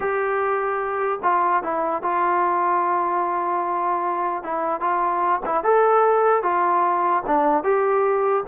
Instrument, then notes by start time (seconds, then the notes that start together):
trombone
0.00 G4
1.23 F4
1.63 E4
2.02 F4
4.43 E4
4.80 F4
5.45 E4
5.63 A4
6.42 F4
7.26 D4
7.63 G4